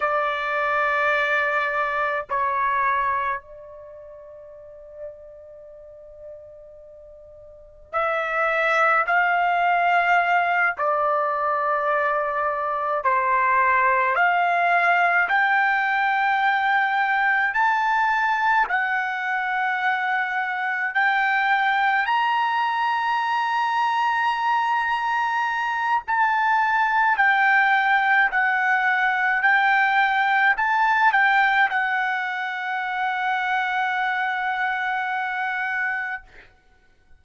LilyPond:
\new Staff \with { instrumentName = "trumpet" } { \time 4/4 \tempo 4 = 53 d''2 cis''4 d''4~ | d''2. e''4 | f''4. d''2 c''8~ | c''8 f''4 g''2 a''8~ |
a''8 fis''2 g''4 ais''8~ | ais''2. a''4 | g''4 fis''4 g''4 a''8 g''8 | fis''1 | }